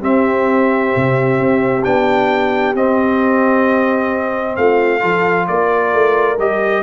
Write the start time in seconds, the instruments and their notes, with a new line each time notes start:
0.00 trombone C4, tuba C4, horn G4, trumpet E5
0.96 tuba C3
1.39 tuba C4
1.84 tuba B3, trombone D4, trumpet G5
2.75 tuba C4, trombone C4, trumpet D#5
4.56 tuba A3, horn F4, trumpet F5
5.00 tuba F3, trombone F4, horn A4
5.47 tuba A#3, horn A#4, trumpet D5
5.93 tuba A3
6.39 tuba G3, trombone G4, trumpet D#5